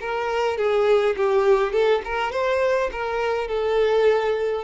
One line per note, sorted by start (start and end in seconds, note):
0.00 0.57 A#4
0.57 1.16 G#4
1.17 1.73 G4
1.73 2.02 A4
2.05 2.32 A#4
2.32 2.90 C5
2.92 3.48 A#4
3.48 4.64 A4